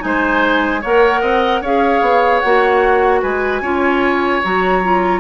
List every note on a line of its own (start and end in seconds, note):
0.00 0.84 G#3
0.00 0.80 D#4
0.00 0.82 C5
0.00 0.82 G#5
0.82 1.22 A#3
0.82 1.65 A#4
0.82 1.21 C#5
0.82 1.64 F#5
1.21 1.62 C4
1.21 1.61 D#5
1.61 2.02 C#4
1.61 2.45 G#4
1.61 3.21 C#5
1.61 2.40 F5
2.02 2.42 B3
2.40 3.23 A#3
2.40 3.63 F#4
2.40 3.20 F#5
3.22 3.61 G#3
3.22 3.62 B4
3.22 4.43 G#5
3.61 4.41 C#4
3.61 4.43 F4
3.61 5.20 C#5
4.44 5.20 F#3
4.44 4.83 F#4
4.44 5.20 A#5
4.84 5.20 F4